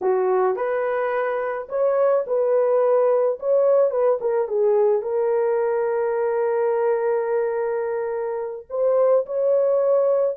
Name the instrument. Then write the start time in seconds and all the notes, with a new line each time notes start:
horn
0.01 F#4
0.56 B4
1.68 C#5
2.26 B4
3.39 C#5
3.90 B4
4.21 A#4
4.48 G#4
5.02 A#4
8.69 C5
9.26 C#5